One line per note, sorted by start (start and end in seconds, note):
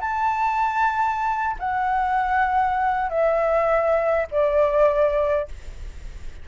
0.00 1.56 A5
1.59 3.09 F#5
3.09 4.26 E5
4.31 5.48 D5